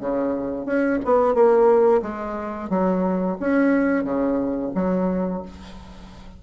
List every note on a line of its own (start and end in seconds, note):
0.00 0.65 C#3
0.65 0.99 C#4
1.05 1.34 B3
1.34 2.02 A#3
2.02 2.69 G#3
2.70 3.37 F#3
3.40 4.04 C#4
4.04 4.71 C#3
4.75 5.42 F#3